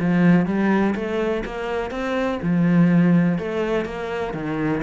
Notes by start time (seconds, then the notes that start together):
0.00 F3
0.46 G3
0.95 A3
1.46 A#3
1.91 C4
2.43 F3
3.39 A3
3.86 A#3
4.34 D#3